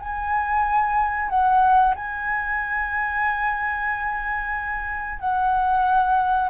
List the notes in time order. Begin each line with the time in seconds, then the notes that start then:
0.00 G#5
1.30 F#5
1.96 G#5
5.20 F#5